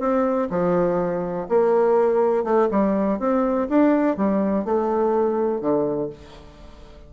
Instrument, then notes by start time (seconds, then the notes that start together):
bassoon
0.00 C4
0.50 F3
1.49 A#3
2.44 A3
2.71 G3
3.19 C4
3.69 D4
4.17 G3
4.65 A3
5.61 D3